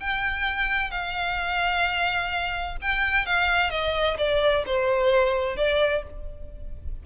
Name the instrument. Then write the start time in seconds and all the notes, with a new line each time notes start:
violin
0.00 G5
0.90 F5
2.81 G5
3.25 F5
3.70 D#5
4.17 D5
4.66 C5
5.56 D5